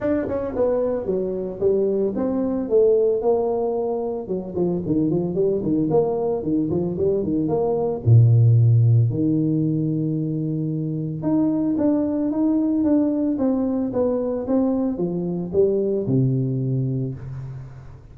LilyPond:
\new Staff \with { instrumentName = "tuba" } { \time 4/4 \tempo 4 = 112 d'8 cis'8 b4 fis4 g4 | c'4 a4 ais2 | fis8 f8 dis8 f8 g8 dis8 ais4 | dis8 f8 g8 dis8 ais4 ais,4~ |
ais,4 dis2.~ | dis4 dis'4 d'4 dis'4 | d'4 c'4 b4 c'4 | f4 g4 c2 | }